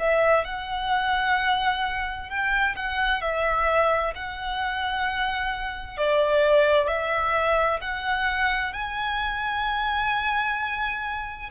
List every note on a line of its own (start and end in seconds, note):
0.00 0.45 E5
0.45 2.30 F#5
2.30 2.76 G5
2.77 3.22 F#5
3.22 4.14 E5
4.15 5.98 F#5
5.98 6.88 D5
6.88 7.80 E5
7.82 8.73 F#5
8.73 11.50 G#5